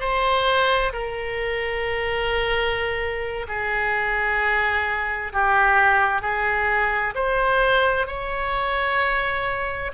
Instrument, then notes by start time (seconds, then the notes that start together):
oboe
0.00 C5
0.92 A#4
3.48 G#4
5.32 G4
6.21 G#4
7.15 C5
8.07 C#5